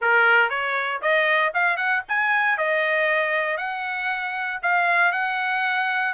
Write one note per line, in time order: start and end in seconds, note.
0.01 0.49 A#4
0.49 1.00 C#5
1.01 1.52 D#5
1.54 1.76 F5
1.76 2.02 F#5
2.08 2.57 G#5
2.57 3.57 D#5
3.57 4.59 F#5
4.62 5.12 F5
5.12 6.13 F#5